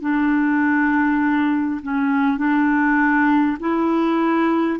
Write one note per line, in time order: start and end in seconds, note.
0.00 1.80 D4
1.82 2.37 C#4
2.37 3.57 D4
3.59 4.79 E4